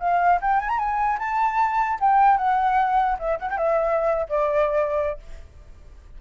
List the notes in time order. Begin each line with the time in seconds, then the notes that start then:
0.00 F5
0.41 G5
0.60 G#5
0.69 A#5
0.79 G#5
1.19 A5
2.00 G5
2.38 F#5
3.19 E5
3.39 F#5
3.50 G5
3.57 E5
4.29 D5